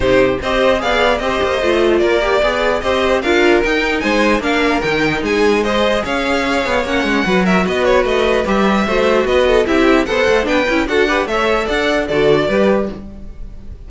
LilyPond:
<<
  \new Staff \with { instrumentName = "violin" } { \time 4/4 \tempo 4 = 149 c''4 dis''4 f''4 dis''4~ | dis''4 d''2 dis''4 | f''4 g''4 gis''4 f''4 | g''4 gis''4 dis''4 f''4~ |
f''4 fis''4. e''8 dis''8 cis''8 | dis''4 e''2 dis''4 | e''4 fis''4 g''4 fis''4 | e''4 fis''4 d''2 | }
  \new Staff \with { instrumentName = "violin" } { \time 4/4 g'4 c''4 d''4 c''4~ | c''4 ais'4 d''4 c''4 | ais'2 c''4 ais'4~ | ais'4 gis'4 c''4 cis''4~ |
cis''2 b'8 ais'8 b'4~ | b'2 c''4 b'8 a'8 | g'4 c''4 b'4 a'8 b'8 | cis''4 d''4 a'4 b'4 | }
  \new Staff \with { instrumentName = "viola" } { \time 4/4 dis'4 g'4 gis'4 g'4 | f'4. g'8 gis'4 g'4 | f'4 dis'2 d'4 | dis'2 gis'2~ |
gis'4 cis'4 fis'2~ | fis'4 g'4 fis'2 | e'4 a'4 d'8 e'8 fis'8 g'8 | a'2 fis'4 g'4 | }
  \new Staff \with { instrumentName = "cello" } { \time 4/4 c4 c'4 b4 c'8 ais8 | a4 ais4 b4 c'4 | d'4 dis'4 gis4 ais4 | dis4 gis2 cis'4~ |
cis'8 b8 ais8 gis8 fis4 b4 | a4 g4 a4 b4 | c'4 b8 a8 b8 cis'8 d'4 | a4 d'4 d4 g4 | }
>>